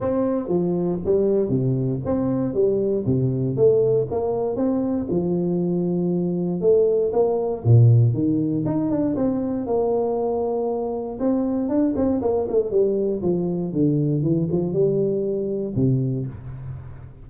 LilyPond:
\new Staff \with { instrumentName = "tuba" } { \time 4/4 \tempo 4 = 118 c'4 f4 g4 c4 | c'4 g4 c4 a4 | ais4 c'4 f2~ | f4 a4 ais4 ais,4 |
dis4 dis'8 d'8 c'4 ais4~ | ais2 c'4 d'8 c'8 | ais8 a8 g4 f4 d4 | e8 f8 g2 c4 | }